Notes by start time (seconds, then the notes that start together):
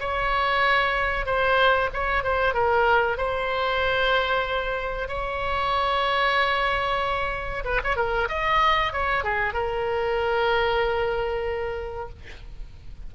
0.00 C#5
1.26 C5
1.93 C#5
2.23 C5
2.54 A#4
3.17 C5
5.08 C#5
7.65 B4
7.84 C#5
7.96 A#4
8.29 D#5
8.93 C#5
9.24 G#4
9.53 A#4